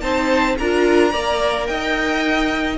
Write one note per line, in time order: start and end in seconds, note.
0.00 0.57 C4
0.00 0.56 D#4
0.00 0.57 C5
0.00 0.55 A5
0.58 1.14 D4
0.58 1.12 F4
0.58 1.11 A#4
0.58 1.66 A#5
1.11 1.68 A#3
1.11 2.77 A#4
1.11 1.66 D5
1.66 2.78 D#4
1.66 2.78 D#5
1.66 2.76 G5